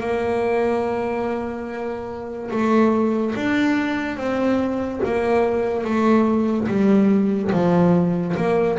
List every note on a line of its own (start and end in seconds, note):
0.00 2.50 A#3
2.50 3.34 A3
3.35 4.17 D4
4.17 5.00 C4
5.05 5.84 A#3
5.84 6.67 A3
6.68 7.51 G3
7.52 8.35 F3
8.36 8.78 A#3